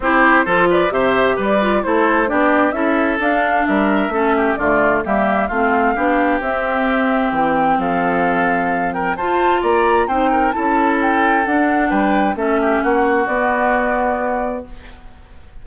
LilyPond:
<<
  \new Staff \with { instrumentName = "flute" } { \time 4/4 \tempo 4 = 131 c''4. d''8 e''4 d''4 | c''4 d''4 e''4 f''4 | e''2 d''4 e''4 | f''2 e''2 |
g''4 f''2~ f''8 g''8 | a''4 ais''4 g''4 a''4 | g''4 fis''4 g''4 e''4 | fis''4 d''2. | }
  \new Staff \with { instrumentName = "oboe" } { \time 4/4 g'4 a'8 b'8 c''4 b'4 | a'4 g'4 a'2 | ais'4 a'8 g'8 f'4 g'4 | f'4 g'2.~ |
g'4 a'2~ a'8 ais'8 | c''4 d''4 c''8 ais'8 a'4~ | a'2 b'4 a'8 g'8 | fis'1 | }
  \new Staff \with { instrumentName = "clarinet" } { \time 4/4 e'4 f'4 g'4. f'8 | e'4 d'4 e'4 d'4~ | d'4 cis'4 a4 ais4 | c'4 d'4 c'2~ |
c'1 | f'2 dis'4 e'4~ | e'4 d'2 cis'4~ | cis'4 b2. | }
  \new Staff \with { instrumentName = "bassoon" } { \time 4/4 c'4 f4 c4 g4 | a4 b4 cis'4 d'4 | g4 a4 d4 g4 | a4 b4 c'2 |
e4 f2. | f'4 ais4 c'4 cis'4~ | cis'4 d'4 g4 a4 | ais4 b2. | }
>>